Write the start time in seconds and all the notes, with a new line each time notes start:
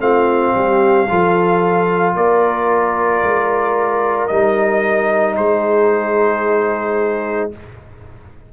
0.00 A3 C4 F4 F5
0.54 G3 G4
1.09 F3 F4 A4
2.16 A#3 A#4 D5
3.23 G#3
4.28 G3 D#4 D#5
5.37 G#3 G#4 C5